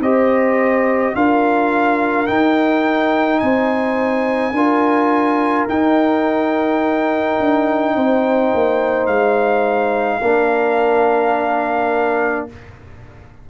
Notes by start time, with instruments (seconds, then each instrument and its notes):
0.00 tuba C4, trombone G4, horn C5, trumpet D#5
1.15 tuba D4, trombone F4, horn A#4, trumpet F5
2.27 trombone D#4, tuba D#4, trumpet G5
3.40 tuba C4, horn C5, trumpet G#5
4.52 tuba D4, trombone F4, horn A#4
5.69 tuba D#4, trombone D#4, trumpet G5
7.40 tuba D4
7.96 tuba C4, horn C5
8.54 tuba A#3
9.07 tuba G#3, trumpet F5
10.21 tuba A#3, trombone D4, horn A#4